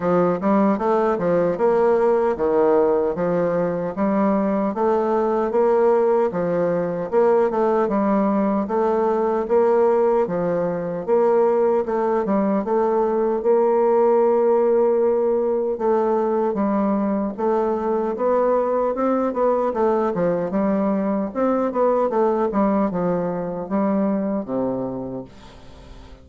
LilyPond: \new Staff \with { instrumentName = "bassoon" } { \time 4/4 \tempo 4 = 76 f8 g8 a8 f8 ais4 dis4 | f4 g4 a4 ais4 | f4 ais8 a8 g4 a4 | ais4 f4 ais4 a8 g8 |
a4 ais2. | a4 g4 a4 b4 | c'8 b8 a8 f8 g4 c'8 b8 | a8 g8 f4 g4 c4 | }